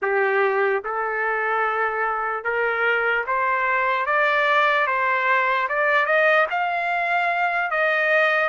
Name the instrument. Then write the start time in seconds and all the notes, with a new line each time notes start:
trumpet
0.02 G4
0.84 A4
2.43 A#4
3.27 C5
4.05 D5
4.86 C5
5.68 D5
6.06 D#5
6.50 F5
7.70 D#5